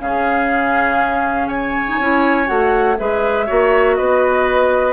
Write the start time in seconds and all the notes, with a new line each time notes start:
0.00 C#3 C#4 G#4 F5
1.48 C#5 G#5
1.87 D#4
1.99 C#4 E4
2.46 A3 F#4 F#5
2.98 G#3 G#4 B4 E5
3.46 A#3 F#4 C#5
3.95 B3 B4 D#5